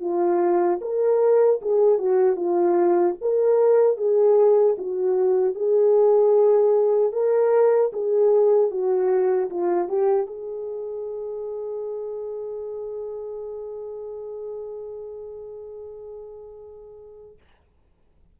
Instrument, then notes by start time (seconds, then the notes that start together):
horn
0.00 F4
0.81 A#4
1.61 G#4
1.98 F#4
2.36 F4
3.21 A#4
3.97 G#4
4.78 F#4
5.54 G#4
7.12 A#4
7.92 G#4
8.70 F#4
9.50 F4
9.88 G4
10.26 G#4